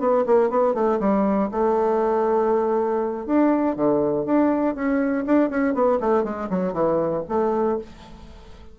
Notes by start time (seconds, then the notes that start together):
0.00 B3
0.27 A#3
0.50 B3
0.75 A3
1.00 G3
1.52 A3
3.27 D4
3.76 D3
4.26 D4
4.75 C#4
5.26 D4
5.50 C#4
5.75 B3
6.01 A3
6.25 G#3
6.50 F#3
6.73 E3
7.29 A3